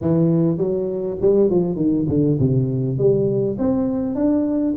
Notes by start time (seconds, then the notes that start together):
0.01 E3
0.57 F#3
1.21 G3
1.50 F3
1.76 D#3
2.08 D3
2.39 C3
2.98 G3
3.58 C4
4.15 D4